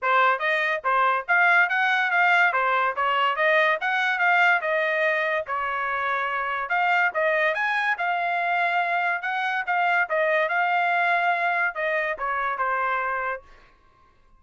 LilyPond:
\new Staff \with { instrumentName = "trumpet" } { \time 4/4 \tempo 4 = 143 c''4 dis''4 c''4 f''4 | fis''4 f''4 c''4 cis''4 | dis''4 fis''4 f''4 dis''4~ | dis''4 cis''2. |
f''4 dis''4 gis''4 f''4~ | f''2 fis''4 f''4 | dis''4 f''2. | dis''4 cis''4 c''2 | }